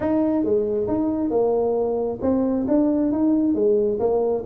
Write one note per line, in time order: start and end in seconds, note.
0.00 0.44 D#4
0.44 0.87 G#3
0.87 1.30 D#4
1.30 2.19 A#3
2.21 2.66 C4
2.68 3.12 D4
3.12 3.55 D#4
3.55 3.99 G#3
3.99 4.44 A#3